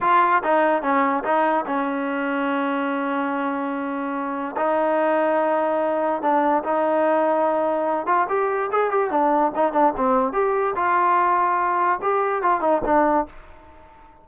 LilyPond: \new Staff \with { instrumentName = "trombone" } { \time 4/4 \tempo 4 = 145 f'4 dis'4 cis'4 dis'4 | cis'1~ | cis'2. dis'4~ | dis'2. d'4 |
dis'2.~ dis'8 f'8 | g'4 gis'8 g'8 d'4 dis'8 d'8 | c'4 g'4 f'2~ | f'4 g'4 f'8 dis'8 d'4 | }